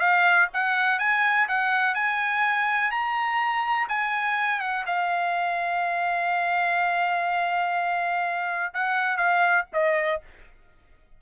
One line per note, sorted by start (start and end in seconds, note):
0.00 0.48 F5
0.54 0.99 F#5
0.99 1.48 G#5
1.48 1.95 F#5
1.95 2.91 G#5
2.91 3.88 A#5
3.89 4.61 G#5
4.61 4.85 F#5
4.87 8.74 F5
8.74 9.17 F#5
9.17 9.66 F5
9.73 10.22 D#5